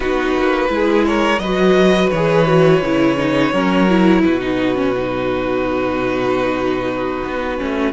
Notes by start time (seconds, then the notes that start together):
0.00 B3 D#4 F#4 B4
0.37 A#3
0.68 G#3 E4
0.75 G#4
1.06 A#4 C#5
1.39 F#3 F#4 B4 D#5
2.09 E3 G#4 C#5
2.46 F#4
2.81 C#3 E4
3.17 D#4
3.52 F#3 C#4 A#4
3.89 E4
4.22 B2 F#4 B4
4.40 D#4
4.75 C#4
4.96 D#4
7.23 B3
7.58 A3 C#4